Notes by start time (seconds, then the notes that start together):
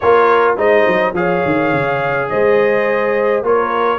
0.00 A#3 F4 A#4 C#5
0.57 G#3 D#4 C5 D#5
0.87 F#3
1.13 F3 G#4 C#5 F5
1.45 D#3
1.72 C#3
2.29 G#3 C5 D#5
3.42 A#3 F4 A#4 C#5